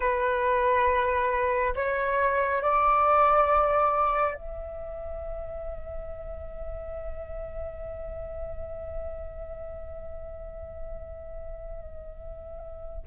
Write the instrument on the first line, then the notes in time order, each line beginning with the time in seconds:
flute
0.00 B4
1.75 C#5
2.62 D5
4.34 E5